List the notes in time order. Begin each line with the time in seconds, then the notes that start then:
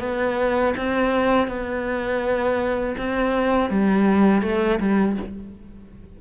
0.00 B3
0.77 C4
1.47 B3
2.98 C4
3.70 G3
4.42 A3
4.80 G3